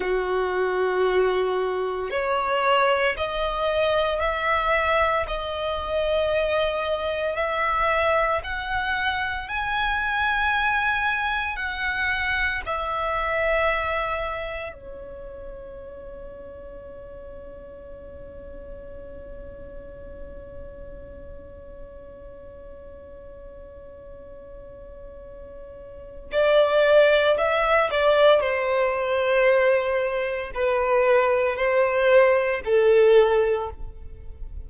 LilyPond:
\new Staff \with { instrumentName = "violin" } { \time 4/4 \tempo 4 = 57 fis'2 cis''4 dis''4 | e''4 dis''2 e''4 | fis''4 gis''2 fis''4 | e''2 cis''2~ |
cis''1~ | cis''1~ | cis''4 d''4 e''8 d''8 c''4~ | c''4 b'4 c''4 a'4 | }